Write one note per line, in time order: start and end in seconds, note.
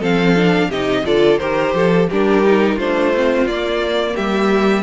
0.00 0.70 F3
0.00 0.36 C4
0.00 0.69 A4
0.00 0.71 F5
0.36 0.71 D4
0.69 1.05 C3
0.69 1.05 D#4
0.69 1.04 G4
0.69 1.06 D#5
1.05 1.40 D3
1.05 1.40 F4
1.05 1.40 A4
1.05 1.39 D5
1.39 1.74 D#3
1.39 2.10 G4
1.39 1.75 A#4
1.39 2.07 C5
1.74 2.09 F3
1.74 2.10 A4
2.10 2.77 G3
2.10 2.45 D4
2.10 2.76 G4
2.10 2.79 A#4
2.45 2.80 D#4
2.76 3.46 A3
2.76 3.15 D4
2.76 4.14 F4
2.76 3.48 C5
3.15 3.49 C4
3.46 4.15 A#3
3.46 4.84 A#3
3.46 4.16 D5
4.15 4.84 G3
4.15 4.84 G4
4.15 4.84 E5